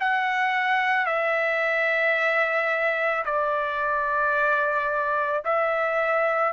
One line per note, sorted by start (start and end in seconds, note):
0.00 1.06 F#5
1.06 3.24 E5
3.25 5.43 D5
5.45 6.53 E5